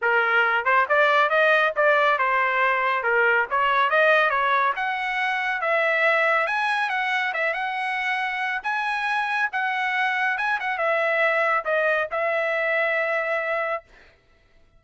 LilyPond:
\new Staff \with { instrumentName = "trumpet" } { \time 4/4 \tempo 4 = 139 ais'4. c''8 d''4 dis''4 | d''4 c''2 ais'4 | cis''4 dis''4 cis''4 fis''4~ | fis''4 e''2 gis''4 |
fis''4 e''8 fis''2~ fis''8 | gis''2 fis''2 | gis''8 fis''8 e''2 dis''4 | e''1 | }